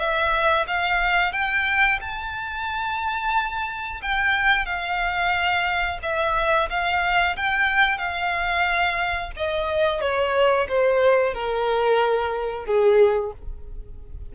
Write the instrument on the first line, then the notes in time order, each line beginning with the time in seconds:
violin
0.00 E5
0.68 F5
1.33 G5
2.01 A5
4.03 G5
4.66 F5
6.03 E5
6.70 F5
7.37 G5
7.98 F5
9.37 D#5
10.01 C#5
10.69 C5
11.35 A#4
12.66 G#4